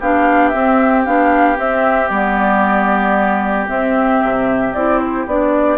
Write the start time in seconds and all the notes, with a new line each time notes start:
0.00 B3 D4 G4 F5
0.49 C4 E5
1.05 B3 D4 F5
1.56 C4 E5
2.09 G3 B3 D5
3.68 C4 E5
4.24 C3
4.74 C4 E4 D5
4.99 C5
5.27 B3 D4 D5